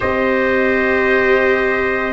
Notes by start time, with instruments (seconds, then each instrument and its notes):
0.00 tuba C4, viola G4, trumpet C5 D#5